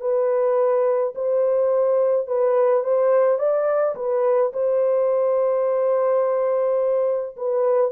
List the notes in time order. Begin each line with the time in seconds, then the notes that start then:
0.00 B4
1.15 C5
2.27 B4
2.84 C5
3.39 D5
3.95 B4
4.53 C5
7.36 B4